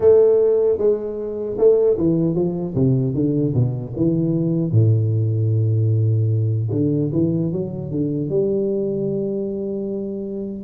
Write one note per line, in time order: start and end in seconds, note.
0.00 0.78 A3
0.78 1.56 G#3
1.58 1.97 A3
1.97 2.34 E3
2.34 2.74 F3
2.75 3.14 C3
3.14 3.53 D3
3.53 3.93 B2
3.96 4.72 E3
4.72 6.69 A2
6.71 7.11 D3
7.12 7.51 E3
7.51 7.91 F#3
7.91 8.29 D3
8.29 10.63 G3